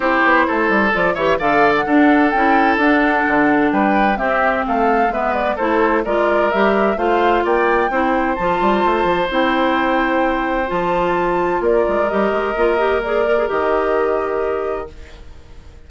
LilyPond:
<<
  \new Staff \with { instrumentName = "flute" } { \time 4/4 \tempo 4 = 129 c''2 d''8 e''8 f''8. fis''16~ | fis''4 g''4 fis''2 | g''4 e''4 f''4 e''8 d''8 | c''4 d''4 e''4 f''4 |
g''2 a''2 | g''2. a''4~ | a''4 d''4 dis''2 | d''4 dis''2. | }
  \new Staff \with { instrumentName = "oboe" } { \time 4/4 g'4 a'4. cis''8 d''4 | a'1 | b'4 g'4 a'4 b'4 | a'4 ais'2 c''4 |
d''4 c''2.~ | c''1~ | c''4 ais'2.~ | ais'1 | }
  \new Staff \with { instrumentName = "clarinet" } { \time 4/4 e'2 f'8 g'8 a'4 | d'4 e'4 d'2~ | d'4 c'2 b4 | e'4 f'4 g'4 f'4~ |
f'4 e'4 f'2 | e'2. f'4~ | f'2 g'4 f'8 g'8 | gis'8 ais'16 gis'16 g'2. | }
  \new Staff \with { instrumentName = "bassoon" } { \time 4/4 c'8 b8 a8 g8 f8 e8 d4 | d'4 cis'4 d'4 d4 | g4 c'4 a4 gis4 | a4 gis4 g4 a4 |
ais4 c'4 f8 g8 a8 f8 | c'2. f4~ | f4 ais8 gis8 g8 gis8 ais4~ | ais4 dis2. | }
>>